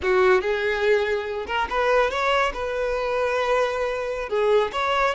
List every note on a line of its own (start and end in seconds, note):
0.02 0.41 F#4
0.41 1.46 G#4
1.47 1.68 A#4
1.69 2.10 B4
2.10 2.52 C#5
2.53 4.29 B4
4.29 4.71 G#4
4.72 5.14 C#5